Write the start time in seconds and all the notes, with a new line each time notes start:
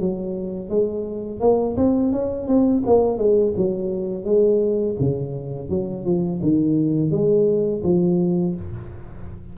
0.00 F#3
0.70 G#3
1.41 A#3
1.77 C4
2.13 C#4
2.48 C4
2.86 A#3
3.18 G#3
3.57 F#3
4.25 G#3
5.00 C#3
5.70 F#3
6.06 F3
6.43 D#3
7.11 G#3
7.84 F3